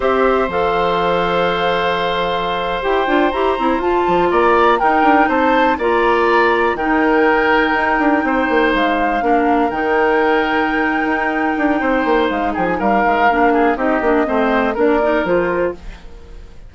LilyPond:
<<
  \new Staff \with { instrumentName = "flute" } { \time 4/4 \tempo 4 = 122 e''4 f''2.~ | f''4.~ f''16 g''4 ais''4 a''16~ | a''8. ais''4 g''4 a''4 ais''16~ | ais''4.~ ais''16 g''2~ g''16~ |
g''4.~ g''16 f''2 g''16~ | g''1~ | g''4 f''8 g''16 gis''16 f''2 | dis''2 d''4 c''4 | }
  \new Staff \with { instrumentName = "oboe" } { \time 4/4 c''1~ | c''1~ | c''8. d''4 ais'4 c''4 d''16~ | d''4.~ d''16 ais'2~ ais'16~ |
ais'8. c''2 ais'4~ ais'16~ | ais'1 | c''4. gis'8 ais'4. gis'8 | g'4 c''4 ais'2 | }
  \new Staff \with { instrumentName = "clarinet" } { \time 4/4 g'4 a'2.~ | a'4.~ a'16 g'8 f'8 g'8 e'8 f'16~ | f'4.~ f'16 dis'2 f'16~ | f'4.~ f'16 dis'2~ dis'16~ |
dis'2~ dis'8. d'4 dis'16~ | dis'1~ | dis'2. d'4 | dis'8 d'8 c'4 d'8 dis'8 f'4 | }
  \new Staff \with { instrumentName = "bassoon" } { \time 4/4 c'4 f2.~ | f4.~ f16 e'8 d'8 e'8 c'8 f'16~ | f'16 f8 ais4 dis'8 d'8 c'4 ais16~ | ais4.~ ais16 dis2 dis'16~ |
dis'16 d'8 c'8 ais8 gis4 ais4 dis16~ | dis2~ dis8 dis'4 d'8 | c'8 ais8 gis8 f8 g8 gis8 ais4 | c'8 ais8 a4 ais4 f4 | }
>>